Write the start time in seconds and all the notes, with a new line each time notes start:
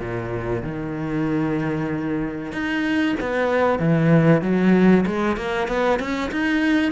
0.00 A#2
0.63 D#3
2.52 D#4
3.20 B3
3.79 E3
4.42 F#3
5.06 G#3
5.37 A#3
5.68 B3
5.99 C#4
6.32 D#4